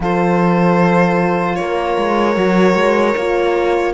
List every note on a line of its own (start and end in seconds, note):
0.00 1.58 F3
0.00 2.34 F4
0.00 1.59 A4
0.00 1.55 C5
1.55 1.97 A#3
1.55 3.94 A#4
1.55 3.92 C#5
1.97 2.36 G#3
2.34 2.75 F#3
2.34 3.13 F#4
2.75 3.14 G#3
3.16 3.94 A#3
3.16 3.94 F4